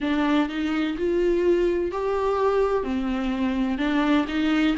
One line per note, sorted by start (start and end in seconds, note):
0.00 0.48 D4
0.48 0.96 D#4
0.97 1.91 F4
1.91 2.83 G4
2.83 3.77 C4
3.77 4.25 D4
4.28 4.75 D#4